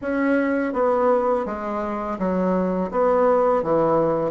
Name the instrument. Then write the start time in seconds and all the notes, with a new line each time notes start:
bassoon
0.01 C#4
0.73 B3
1.45 G#3
2.18 F#3
2.91 B3
3.62 E3